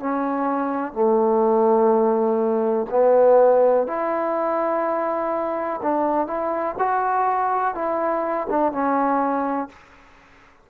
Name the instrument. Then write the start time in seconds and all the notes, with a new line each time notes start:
trombone
0.00 C#4
0.93 A3
2.91 B3
3.88 E4
5.83 D4
6.27 E4
6.79 F#4
7.75 E4
8.50 D4
8.73 C#4